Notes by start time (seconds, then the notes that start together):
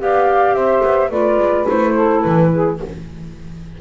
0.00 B3 G4 D5 F5
0.54 C4 C5 E5
0.84 B3
1.11 A3 F4 B4 D5
1.39 G#3
1.66 A3 E4 C5
1.94 A4
2.21 E3 B4
2.53 G#4